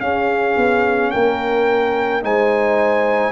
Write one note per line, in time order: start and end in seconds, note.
0.00 0.56 C#4
0.00 2.22 C#4
0.00 1.12 G#4
0.00 1.11 F5
0.56 1.12 B3
1.11 2.23 A#3
1.11 2.24 A#4
1.11 2.22 G5
2.22 3.32 G#3
2.22 3.32 D#4
2.22 3.32 C5
2.22 3.32 G#5